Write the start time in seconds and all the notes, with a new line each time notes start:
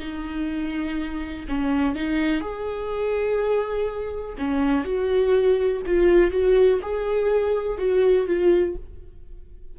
0.00 D#4
1.48 C#4
1.96 D#4
2.41 G#4
4.38 C#4
4.84 F#4
5.86 F4
6.31 F#4
6.82 G#4
7.78 F#4
8.27 F4